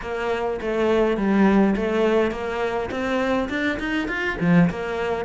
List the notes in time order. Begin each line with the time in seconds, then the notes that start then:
0.01 A#3
0.61 A3
1.17 G3
1.76 A3
2.31 A#3
2.90 C4
3.49 D4
3.79 D#4
4.08 F4
4.40 F3
4.70 A#3